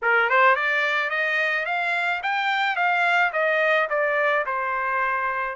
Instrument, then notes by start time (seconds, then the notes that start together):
trumpet
0.02 A#4
0.29 C5
0.55 D5
1.10 D#5
1.65 F5
2.22 G5
2.76 F5
3.32 D#5
3.89 D5
4.46 C5